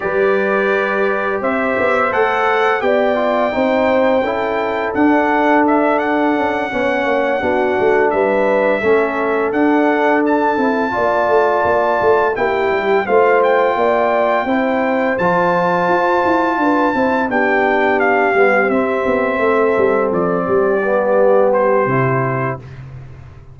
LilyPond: <<
  \new Staff \with { instrumentName = "trumpet" } { \time 4/4 \tempo 4 = 85 d''2 e''4 fis''4 | g''2. fis''4 | e''8 fis''2. e''8~ | e''4. fis''4 a''4.~ |
a''4. g''4 f''8 g''4~ | g''4. a''2~ a''8~ | a''8 g''4 f''4 e''4.~ | e''8 d''2 c''4. | }
  \new Staff \with { instrumentName = "horn" } { \time 4/4 b'2 c''2 | d''4 c''4 a'2~ | a'4. cis''4 fis'4 b'8~ | b'8 a'2. d''8~ |
d''4. g'4 c''4 d''8~ | d''8 c''2. b'8 | c''8 g'2. a'8~ | a'4 g'2. | }
  \new Staff \with { instrumentName = "trombone" } { \time 4/4 g'2. a'4 | g'8 f'8 dis'4 e'4 d'4~ | d'4. cis'4 d'4.~ | d'8 cis'4 d'4. e'8 f'8~ |
f'4. e'4 f'4.~ | f'8 e'4 f'2~ f'8 | e'8 d'4. b8 c'4.~ | c'4. b4. e'4 | }
  \new Staff \with { instrumentName = "tuba" } { \time 4/4 g2 c'8 b8 a4 | b4 c'4 cis'4 d'4~ | d'4 cis'8 b8 ais8 b8 a8 g8~ | g8 a4 d'4. c'8 ais8 |
a8 ais8 a8 ais8 g8 a4 ais8~ | ais8 c'4 f4 f'8 e'8 d'8 | c'8 b4. g8 c'8 b8 a8 | g8 f8 g2 c4 | }
>>